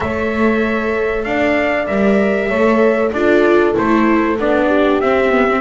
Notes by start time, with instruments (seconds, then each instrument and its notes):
0.00 double bass A3, viola A4, horn C#5, trumpet E5
1.24 double bass D4, horn D5, trumpet F5
1.87 double bass G3, viola A#4, trumpet E5
2.48 double bass A3, viola A4, horn C#5
3.12 double bass D4, viola F4, horn A4, trumpet D5
3.73 double bass A3, viola E4, trumpet C5
4.39 double bass B3, viola D4, trumpet D5
4.66 horn G4
5.00 double bass C4, viola C4, trumpet E5
5.32 viola B3
5.48 viola C4